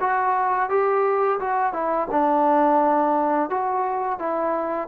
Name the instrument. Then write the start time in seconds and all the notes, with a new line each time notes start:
trombone
0.00 F#4
0.69 G4
1.40 F#4
1.73 E4
2.11 D4
3.50 F#4
4.19 E4